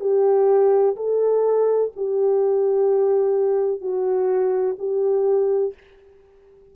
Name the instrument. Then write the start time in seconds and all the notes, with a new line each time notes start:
horn
0.00 G4
0.96 A4
1.96 G4
3.81 F#4
4.78 G4